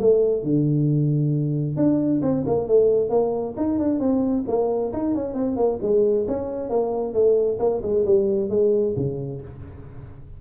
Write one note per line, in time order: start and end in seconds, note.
0.00 0.44 A3
0.44 1.77 D3
1.77 2.21 D4
2.22 2.45 C4
2.47 2.68 A#3
2.68 3.10 A3
3.10 3.55 A#3
3.57 3.79 D#4
3.79 4.00 D4
4.00 4.45 C4
4.48 4.93 A#3
4.93 5.15 D#4
5.15 5.34 C#4
5.34 5.56 C4
5.56 5.79 A#3
5.82 6.27 G#3
6.28 6.70 C#4
6.70 7.14 A#3
7.14 7.59 A3
7.59 7.82 A#3
7.83 8.05 G#3
8.06 8.50 G3
8.50 8.95 G#3
8.97 9.41 C#3